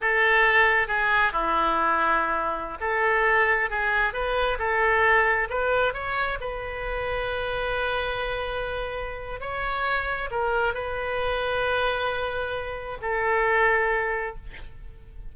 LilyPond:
\new Staff \with { instrumentName = "oboe" } { \time 4/4 \tempo 4 = 134 a'2 gis'4 e'4~ | e'2~ e'16 a'4.~ a'16~ | a'16 gis'4 b'4 a'4.~ a'16~ | a'16 b'4 cis''4 b'4.~ b'16~ |
b'1~ | b'4 cis''2 ais'4 | b'1~ | b'4 a'2. | }